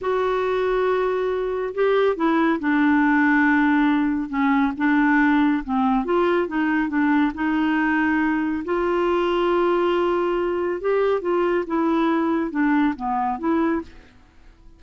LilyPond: \new Staff \with { instrumentName = "clarinet" } { \time 4/4 \tempo 4 = 139 fis'1 | g'4 e'4 d'2~ | d'2 cis'4 d'4~ | d'4 c'4 f'4 dis'4 |
d'4 dis'2. | f'1~ | f'4 g'4 f'4 e'4~ | e'4 d'4 b4 e'4 | }